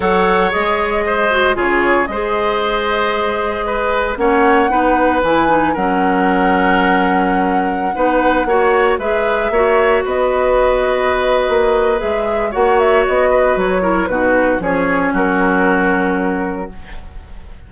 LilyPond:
<<
  \new Staff \with { instrumentName = "flute" } { \time 4/4 \tempo 4 = 115 fis''4 dis''2 cis''4 | dis''1 | fis''2 gis''4 fis''4~ | fis''1~ |
fis''4~ fis''16 e''2 dis''8.~ | dis''2. e''4 | fis''8 e''8 dis''4 cis''4 b'4 | cis''4 ais'2. | }
  \new Staff \with { instrumentName = "oboe" } { \time 4/4 cis''2 c''4 gis'4 | c''2. b'4 | cis''4 b'2 ais'4~ | ais'2.~ ais'16 b'8.~ |
b'16 cis''4 b'4 cis''4 b'8.~ | b'1 | cis''4. b'4 ais'8 fis'4 | gis'4 fis'2. | }
  \new Staff \with { instrumentName = "clarinet" } { \time 4/4 a'4 gis'4. fis'8 f'4 | gis'1 | cis'4 dis'4 e'8 dis'8 cis'4~ | cis'2.~ cis'16 dis'8.~ |
dis'16 fis'4 gis'4 fis'4.~ fis'16~ | fis'2. gis'4 | fis'2~ fis'8 e'8 dis'4 | cis'1 | }
  \new Staff \with { instrumentName = "bassoon" } { \time 4/4 fis4 gis2 cis4 | gis1 | ais4 b4 e4 fis4~ | fis2.~ fis16 b8.~ |
b16 ais4 gis4 ais4 b8.~ | b2 ais4 gis4 | ais4 b4 fis4 b,4 | f4 fis2. | }
>>